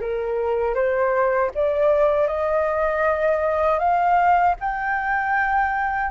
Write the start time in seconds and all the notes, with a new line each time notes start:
0.00 A#4
0.75 C5
1.55 D5
2.27 D#5
3.79 F5
4.60 G5